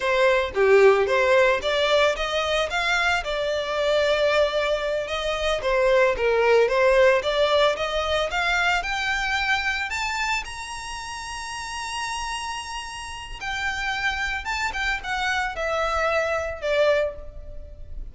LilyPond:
\new Staff \with { instrumentName = "violin" } { \time 4/4 \tempo 4 = 112 c''4 g'4 c''4 d''4 | dis''4 f''4 d''2~ | d''4. dis''4 c''4 ais'8~ | ais'8 c''4 d''4 dis''4 f''8~ |
f''8 g''2 a''4 ais''8~ | ais''1~ | ais''4 g''2 a''8 g''8 | fis''4 e''2 d''4 | }